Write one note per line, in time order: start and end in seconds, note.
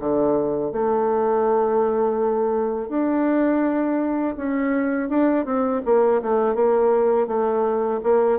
0.00 0.73 D3
0.73 2.89 A3
2.89 4.36 D4
4.37 5.10 C#4
5.10 5.45 D4
5.45 5.82 C4
5.85 6.22 A#3
6.22 6.55 A3
6.55 7.27 A#3
7.27 8.01 A3
8.04 8.39 A#3